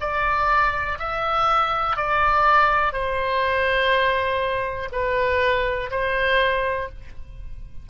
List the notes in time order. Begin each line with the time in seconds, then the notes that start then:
0.00 D5
0.98 E5
1.96 D5
2.92 C5
4.92 B4
5.90 C5